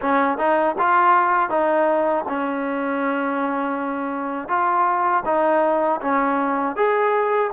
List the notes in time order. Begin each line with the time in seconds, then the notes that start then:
0.01 C#4
0.38 D#4
0.78 F4
1.49 D#4
2.28 C#4
4.48 F4
5.25 D#4
6.01 C#4
6.75 G#4